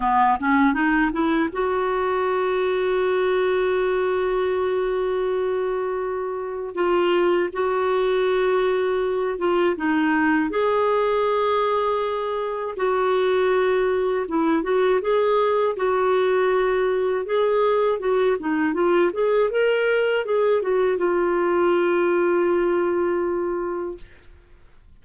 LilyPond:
\new Staff \with { instrumentName = "clarinet" } { \time 4/4 \tempo 4 = 80 b8 cis'8 dis'8 e'8 fis'2~ | fis'1~ | fis'4 f'4 fis'2~ | fis'8 f'8 dis'4 gis'2~ |
gis'4 fis'2 e'8 fis'8 | gis'4 fis'2 gis'4 | fis'8 dis'8 f'8 gis'8 ais'4 gis'8 fis'8 | f'1 | }